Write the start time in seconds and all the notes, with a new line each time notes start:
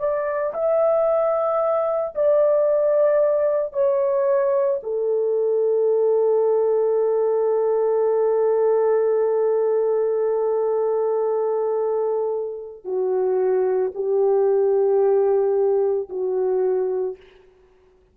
0.00 D5
0.54 E5
2.15 D5
3.73 C#5
4.84 A4
12.85 F#4
13.95 G4
16.10 F#4